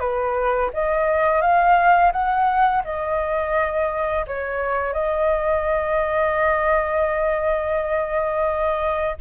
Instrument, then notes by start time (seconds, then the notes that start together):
flute
0.00 B4
0.74 D#5
1.41 F5
2.12 F#5
2.85 D#5
4.27 C#5
4.93 D#5